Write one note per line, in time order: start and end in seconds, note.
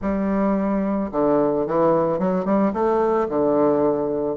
0.01 1.11 G3
1.11 1.66 D3
1.66 2.18 E3
2.18 2.45 F#3
2.45 2.72 G3
2.73 3.27 A3
3.28 4.36 D3